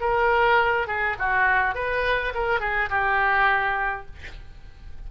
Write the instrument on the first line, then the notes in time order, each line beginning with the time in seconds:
oboe
0.00 A#4
0.87 G#4
1.18 F#4
1.74 B4
2.34 A#4
2.60 G#4
2.89 G4